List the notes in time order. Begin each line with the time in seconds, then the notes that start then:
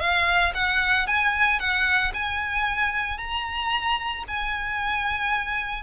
0.00 F5
0.54 F#5
1.07 G#5
1.59 F#5
2.14 G#5
3.18 A#5
4.28 G#5